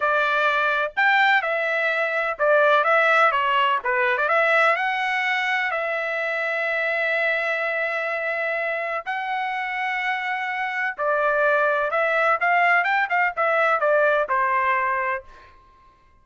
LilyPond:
\new Staff \with { instrumentName = "trumpet" } { \time 4/4 \tempo 4 = 126 d''2 g''4 e''4~ | e''4 d''4 e''4 cis''4 | b'8. d''16 e''4 fis''2 | e''1~ |
e''2. fis''4~ | fis''2. d''4~ | d''4 e''4 f''4 g''8 f''8 | e''4 d''4 c''2 | }